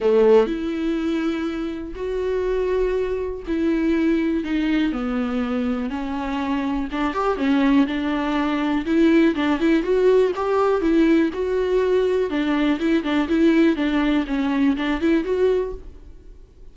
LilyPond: \new Staff \with { instrumentName = "viola" } { \time 4/4 \tempo 4 = 122 a4 e'2. | fis'2. e'4~ | e'4 dis'4 b2 | cis'2 d'8 g'8 cis'4 |
d'2 e'4 d'8 e'8 | fis'4 g'4 e'4 fis'4~ | fis'4 d'4 e'8 d'8 e'4 | d'4 cis'4 d'8 e'8 fis'4 | }